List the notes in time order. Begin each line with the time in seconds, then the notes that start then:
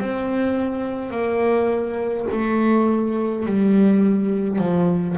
0.00 C4
1.11 A#3
2.31 A3
3.46 G3
4.59 F3